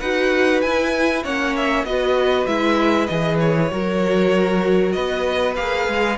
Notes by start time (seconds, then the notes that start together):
0.00 D#4 F#4 B4 F#5
0.61 E4 G#5
1.23 A#3 C#4 C#5 F#5
1.56 E5
1.84 B3 F#4 B4 D#5
2.46 G#3 E4 E5
3.06 E3 G#4 D#5
3.40 C#5
3.70 F#3 F#4 A#4
4.92 B3 B4 D#5
5.56 A#3 G#4 F5
5.88 G#3